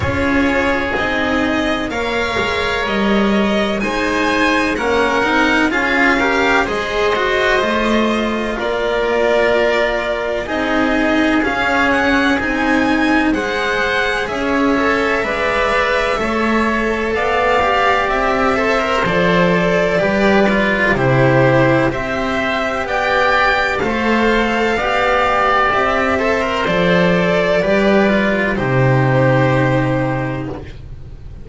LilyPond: <<
  \new Staff \with { instrumentName = "violin" } { \time 4/4 \tempo 4 = 63 cis''4 dis''4 f''4 dis''4 | gis''4 fis''4 f''4 dis''4~ | dis''4 d''2 dis''4 | f''8 fis''8 gis''4 fis''4 e''4~ |
e''2 f''4 e''4 | d''2 c''4 e''4 | g''4 f''2 e''4 | d''2 c''2 | }
  \new Staff \with { instrumentName = "oboe" } { \time 4/4 gis'2 cis''2 | c''4 ais'4 gis'8 ais'8 c''4~ | c''4 ais'2 gis'4~ | gis'2 c''4 cis''4 |
d''4 cis''4 d''4. c''8~ | c''4 b'4 g'4 c''4 | d''4 c''4 d''4. c''8~ | c''4 b'4 g'2 | }
  \new Staff \with { instrumentName = "cello" } { \time 4/4 f'4 dis'4 ais'2 | dis'4 cis'8 dis'8 f'8 g'8 gis'8 fis'8 | f'2. dis'4 | cis'4 dis'4 gis'4. a'8 |
b'4 a'4. g'4 a'16 ais'16 | a'4 g'8 f'8 e'4 g'4~ | g'4 a'4 g'4. a'16 ais'16 | a'4 g'8 f'8 dis'2 | }
  \new Staff \with { instrumentName = "double bass" } { \time 4/4 cis'4 c'4 ais8 gis8 g4 | gis4 ais8 c'8 cis'4 gis4 | a4 ais2 c'4 | cis'4 c'4 gis4 cis'4 |
gis4 a4 b4 c'4 | f4 g4 c4 c'4 | b4 a4 b4 c'4 | f4 g4 c2 | }
>>